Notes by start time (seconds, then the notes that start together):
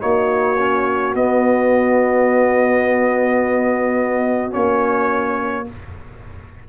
0.00 A#3 D#4 F#4 C#5
0.58 C#4
1.14 B3 D#5
4.51 A#3 C#4 C#5